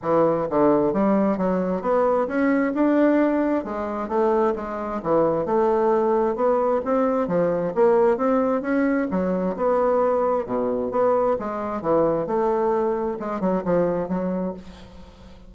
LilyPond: \new Staff \with { instrumentName = "bassoon" } { \time 4/4 \tempo 4 = 132 e4 d4 g4 fis4 | b4 cis'4 d'2 | gis4 a4 gis4 e4 | a2 b4 c'4 |
f4 ais4 c'4 cis'4 | fis4 b2 b,4 | b4 gis4 e4 a4~ | a4 gis8 fis8 f4 fis4 | }